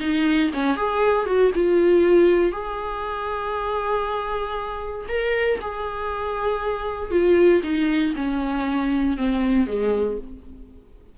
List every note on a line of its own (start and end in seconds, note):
0.00 0.51 D#4
0.54 0.77 C#4
0.77 1.26 G#4
1.26 1.51 F#4
1.55 2.52 F4
2.52 5.06 G#4
5.09 5.60 A#4
5.61 7.11 G#4
7.11 7.62 F4
7.63 8.14 D#4
8.16 9.17 C#4
9.17 9.67 C4
9.67 10.18 G#3